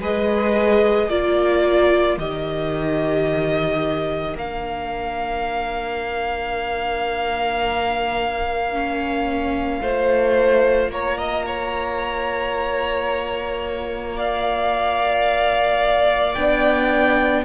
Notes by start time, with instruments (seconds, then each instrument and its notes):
0.00 cello G#3, viola G#4, violin B4 D#5
1.08 cello A#3, viola F4, violin A#4 D5
2.17 cello D#3, viola G4, violin D#5
4.35 cello A#3, viola D4, violin F5
8.73 viola C#4
9.81 cello A3, viola F4, violin C5
10.89 cello A#3, violin C#5 A#5
11.18 violin D#5
11.46 violin C#5
14.16 violin D5 F5
16.34 cello B3, viola D4, violin G5